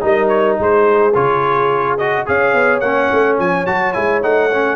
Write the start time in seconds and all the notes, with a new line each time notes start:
0.00 G3 D#4 A#4 D#5
0.28 C#5
0.59 G#3 G#4 C5
1.14 C#3 F4 C#5
1.97 F#4 D#5
2.26 C#4 G#4 C#5 F5
2.53 B3
2.80 A#3 C#4 F#5
3.12 A3
3.38 F3 G#5
3.65 F#3 F#4 A5
3.93 G#3 E4 G#5
4.22 A3 D#4 F#5
4.53 C#4